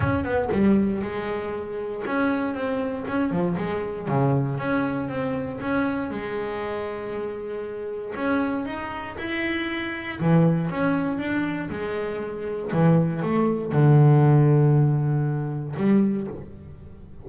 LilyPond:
\new Staff \with { instrumentName = "double bass" } { \time 4/4 \tempo 4 = 118 cis'8 b8 g4 gis2 | cis'4 c'4 cis'8 f8 gis4 | cis4 cis'4 c'4 cis'4 | gis1 |
cis'4 dis'4 e'2 | e4 cis'4 d'4 gis4~ | gis4 e4 a4 d4~ | d2. g4 | }